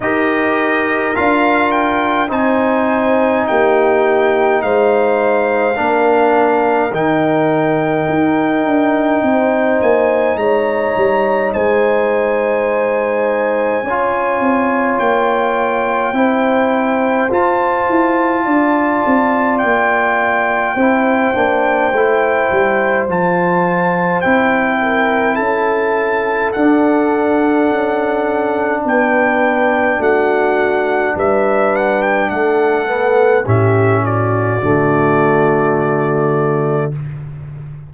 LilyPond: <<
  \new Staff \with { instrumentName = "trumpet" } { \time 4/4 \tempo 4 = 52 dis''4 f''8 g''8 gis''4 g''4 | f''2 g''2~ | g''8 gis''8 ais''4 gis''2~ | gis''4 g''2 a''4~ |
a''4 g''2. | a''4 g''4 a''4 fis''4~ | fis''4 g''4 fis''4 e''8 fis''16 g''16 | fis''4 e''8 d''2~ d''8 | }
  \new Staff \with { instrumentName = "horn" } { \time 4/4 ais'2 c''4 g'4 | c''4 ais'2. | c''4 cis''4 c''2 | cis''2 c''2 |
d''2 c''2~ | c''4. ais'8 a'2~ | a'4 b'4 fis'4 b'4 | a'4 g'8 fis'2~ fis'8 | }
  \new Staff \with { instrumentName = "trombone" } { \time 4/4 g'4 f'4 dis'2~ | dis'4 d'4 dis'2~ | dis'1 | f'2 e'4 f'4~ |
f'2 e'8 d'8 e'4 | f'4 e'2 d'4~ | d'1~ | d'8 b8 cis'4 a2 | }
  \new Staff \with { instrumentName = "tuba" } { \time 4/4 dis'4 d'4 c'4 ais4 | gis4 ais4 dis4 dis'8 d'8 | c'8 ais8 gis8 g8 gis2 | cis'8 c'8 ais4 c'4 f'8 e'8 |
d'8 c'8 ais4 c'8 ais8 a8 g8 | f4 c'4 cis'4 d'4 | cis'4 b4 a4 g4 | a4 a,4 d2 | }
>>